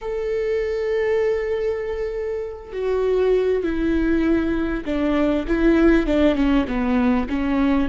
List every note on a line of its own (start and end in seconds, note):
0.01 2.72 A4
2.72 3.63 F#4
3.63 4.84 E4
4.85 5.45 D4
5.47 6.06 E4
6.06 6.35 D4
6.35 6.65 C#4
6.67 7.28 B3
7.29 7.88 C#4